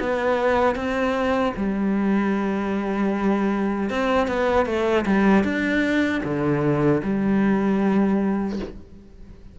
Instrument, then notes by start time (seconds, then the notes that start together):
cello
0.00 B3
0.75 C4
1.57 G3
3.90 C4
4.28 B3
4.66 A3
5.06 G3
5.44 D4
6.24 D3
7.03 G3